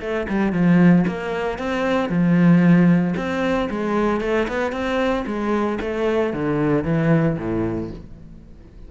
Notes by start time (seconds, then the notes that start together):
0.00 A3
0.28 G3
0.52 F3
1.07 A#3
1.58 C4
2.09 F3
3.16 C4
3.70 G#3
4.21 A3
4.48 B3
4.72 C4
5.26 G#3
5.80 A3
6.33 D3
6.83 E3
7.38 A2